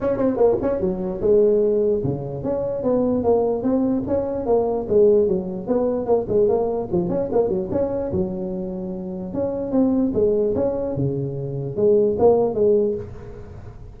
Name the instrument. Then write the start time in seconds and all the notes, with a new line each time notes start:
tuba
0.01 C#4
0.17 C4
0.36 A#3
0.61 C#4
0.80 F#3
1.21 G#3
2.03 C#3
2.43 C#4
2.83 B3
3.23 A#3
3.62 C4
4.07 C#4
4.46 A#3
4.88 G#3
5.27 F#3
5.67 B3
6.06 A#3
6.28 G#3
6.48 A#3
6.91 F3
7.09 C#4
7.32 A#3
7.49 F#3
7.71 C#4
8.12 F#3
9.33 C#4
9.71 C4
10.14 G#3
10.55 C#4
10.95 C#3
11.76 G#3
12.19 A#3
12.54 G#3